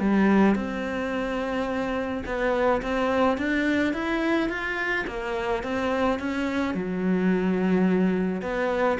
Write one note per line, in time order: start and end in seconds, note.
0.00 0.56 G3
0.56 2.24 C4
2.26 2.82 B3
2.82 3.38 C4
3.38 3.94 D4
3.94 4.49 E4
4.49 5.05 F4
5.07 5.64 A#3
5.64 6.20 C4
6.20 6.75 C#4
6.75 8.42 F#3
8.42 8.98 B3